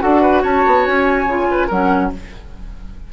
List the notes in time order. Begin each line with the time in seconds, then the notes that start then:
0.00 D4 F#4 A4 F#5
0.21 B4
0.42 C#4 C#5 A5
0.66 B3
0.85 C#4 G#5
1.25 C#3 F4
1.50 B4
1.66 F#3 C#4 A#4 F#5